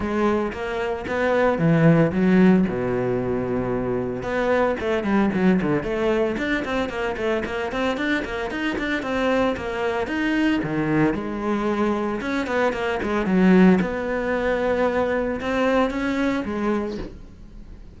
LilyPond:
\new Staff \with { instrumentName = "cello" } { \time 4/4 \tempo 4 = 113 gis4 ais4 b4 e4 | fis4 b,2. | b4 a8 g8 fis8 d8 a4 | d'8 c'8 ais8 a8 ais8 c'8 d'8 ais8 |
dis'8 d'8 c'4 ais4 dis'4 | dis4 gis2 cis'8 b8 | ais8 gis8 fis4 b2~ | b4 c'4 cis'4 gis4 | }